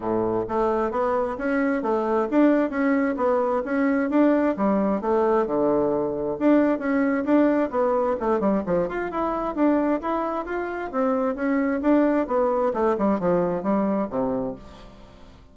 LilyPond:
\new Staff \with { instrumentName = "bassoon" } { \time 4/4 \tempo 4 = 132 a,4 a4 b4 cis'4 | a4 d'4 cis'4 b4 | cis'4 d'4 g4 a4 | d2 d'4 cis'4 |
d'4 b4 a8 g8 f8 f'8 | e'4 d'4 e'4 f'4 | c'4 cis'4 d'4 b4 | a8 g8 f4 g4 c4 | }